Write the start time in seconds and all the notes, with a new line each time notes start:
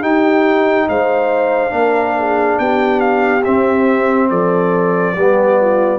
0.00 D#4 G4 G5
0.88 G#3 C5 F5
1.69 A#3 D4 A#4
2.18 G#4
2.58 B3 G4 G5
3.00 F5
3.44 C4 E5
4.29 F3 A4 D5
5.15 G3 B3 G4
5.61 F4